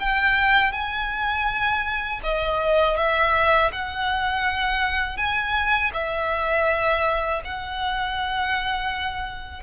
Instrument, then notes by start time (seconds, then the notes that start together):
violin
0.00 G5
0.72 G#5
2.23 D#5
2.97 E5
3.72 F#5
5.17 G#5
5.94 E5
7.45 F#5